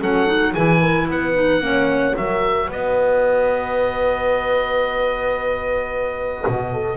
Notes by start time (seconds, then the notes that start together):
0.00 F#3 C#4 A4 F#5
0.27 D#4
0.53 E3 E4 G#4 G#5
0.80 A#4
1.09 B3 B4 F#5
1.34 D#4
1.61 A#3 C#4 C#5
2.16 F#3 F#4 A#4 E5
2.68 B3 B4 D#5
6.47 B2
6.73 A4